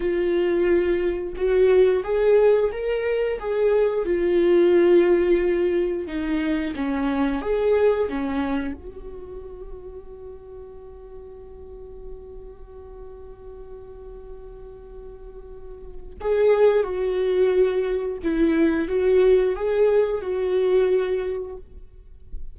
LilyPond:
\new Staff \with { instrumentName = "viola" } { \time 4/4 \tempo 4 = 89 f'2 fis'4 gis'4 | ais'4 gis'4 f'2~ | f'4 dis'4 cis'4 gis'4 | cis'4 fis'2.~ |
fis'1~ | fis'1 | gis'4 fis'2 e'4 | fis'4 gis'4 fis'2 | }